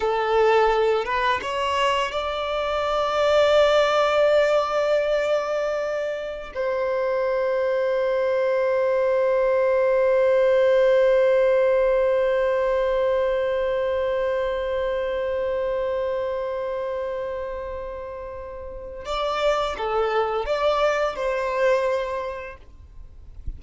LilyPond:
\new Staff \with { instrumentName = "violin" } { \time 4/4 \tempo 4 = 85 a'4. b'8 cis''4 d''4~ | d''1~ | d''4~ d''16 c''2~ c''8.~ | c''1~ |
c''1~ | c''1~ | c''2. d''4 | a'4 d''4 c''2 | }